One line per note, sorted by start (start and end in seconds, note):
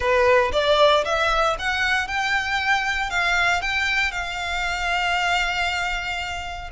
0.00 0.51 B4
0.52 1.04 D5
1.04 1.56 E5
1.58 2.07 F#5
2.07 3.09 G5
3.09 3.61 F5
3.61 4.11 G5
4.11 6.70 F5